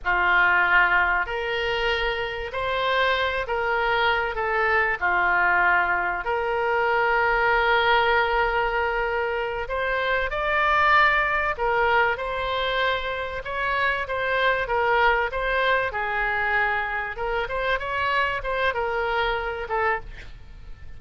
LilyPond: \new Staff \with { instrumentName = "oboe" } { \time 4/4 \tempo 4 = 96 f'2 ais'2 | c''4. ais'4. a'4 | f'2 ais'2~ | ais'2.~ ais'8 c''8~ |
c''8 d''2 ais'4 c''8~ | c''4. cis''4 c''4 ais'8~ | ais'8 c''4 gis'2 ais'8 | c''8 cis''4 c''8 ais'4. a'8 | }